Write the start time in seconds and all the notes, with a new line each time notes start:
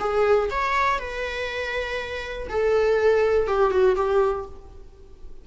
0.00 G#4
0.51 C#5
0.99 B4
2.49 A4
3.47 G4
3.71 F#4
3.96 G4